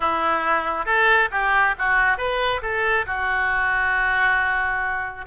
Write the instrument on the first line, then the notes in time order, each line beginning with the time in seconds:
oboe
0.00 E4
0.85 A4
1.31 G4
1.78 F#4
2.17 B4
2.62 A4
3.06 F#4